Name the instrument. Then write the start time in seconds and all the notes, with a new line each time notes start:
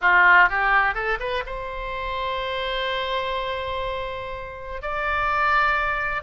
oboe
0.01 F4
0.49 G4
0.94 A4
1.19 B4
1.46 C5
4.82 D5